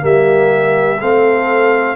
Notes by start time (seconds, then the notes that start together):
0.00 G3 A#3 G4 E5
1.00 A3 C4 A4 F5